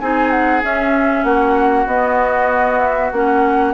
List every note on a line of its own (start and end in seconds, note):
0.00 0.64 C4
0.00 0.62 D#4
0.00 1.26 G#4
0.00 0.31 G#5
0.31 0.62 F#5
0.62 1.87 C#4
0.62 1.24 C#4
0.62 1.24 E5
1.24 1.86 A#3
1.24 3.74 F#4
1.24 1.87 F#5
1.87 3.12 B3
1.87 3.13 B3
1.87 2.80 D#5
2.80 3.11 E5
3.12 3.74 A#3
3.12 3.74 C#4
3.12 3.74 F#5